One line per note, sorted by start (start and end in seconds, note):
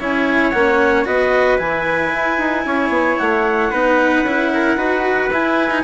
0.00 0.53 C#4
0.00 0.53 E4
0.00 1.07 C#5
0.00 0.52 G#5
0.52 1.07 A#3
0.52 1.05 C#4
0.52 1.05 F#5
1.05 1.60 B3
1.05 1.59 F#4
1.05 2.66 B4
1.05 1.59 D#5
1.59 2.13 E3
1.59 3.71 E4
1.59 3.18 G#5
2.14 2.38 E4
2.38 2.65 D#4
2.66 2.90 C#4
2.66 3.71 C#5
2.90 3.16 B3
3.18 3.72 A3
3.18 5.31 F#5
3.71 4.23 B3
3.71 4.26 D#4
3.71 4.51 B4
4.23 4.76 C#4
4.23 4.78 E4
4.54 4.78 A#4
4.76 5.30 D#4
4.76 5.31 F#4
4.76 5.84 B4
5.32 5.84 E4
5.32 5.71 E4
5.32 5.84 G#5
5.71 5.84 D#4